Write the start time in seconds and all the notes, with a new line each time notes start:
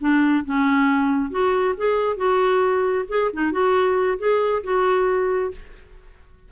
0.00 D4
0.45 C#4
1.30 F#4
1.77 G#4
2.16 F#4
3.08 G#4
3.32 D#4
3.52 F#4
4.18 G#4
4.63 F#4